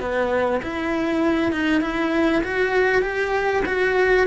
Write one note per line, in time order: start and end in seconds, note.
0.00 0.61 B3
0.63 1.52 E4
1.52 1.81 D#4
1.81 2.42 E4
2.43 3.02 F#4
3.02 3.63 G4
3.65 4.27 F#4